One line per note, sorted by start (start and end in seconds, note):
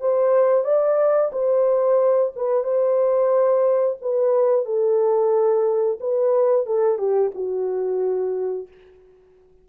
0.00 0.64 C5
0.64 1.31 D5
1.32 2.32 C5
2.36 2.64 B4
2.64 3.97 C5
4.01 4.65 B4
4.65 5.98 A4
6.00 6.66 B4
6.66 6.98 A4
6.98 7.32 G4
7.35 8.68 F#4